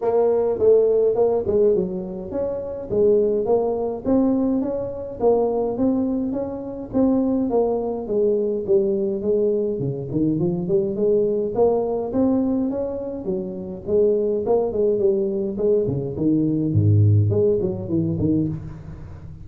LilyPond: \new Staff \with { instrumentName = "tuba" } { \time 4/4 \tempo 4 = 104 ais4 a4 ais8 gis8 fis4 | cis'4 gis4 ais4 c'4 | cis'4 ais4 c'4 cis'4 | c'4 ais4 gis4 g4 |
gis4 cis8 dis8 f8 g8 gis4 | ais4 c'4 cis'4 fis4 | gis4 ais8 gis8 g4 gis8 cis8 | dis4 gis,4 gis8 fis8 e8 dis8 | }